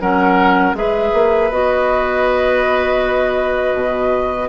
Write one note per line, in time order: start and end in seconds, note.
0.00 0.73 F#3
0.00 0.75 C#4
0.00 0.76 A#4
0.00 0.75 F#5
0.73 1.10 G#3
0.73 1.50 G#4
0.73 4.49 B4
0.73 1.51 E5
1.13 1.50 A#3
1.50 3.74 B3
1.50 4.49 F#4
1.50 4.49 D#5
3.74 4.49 B2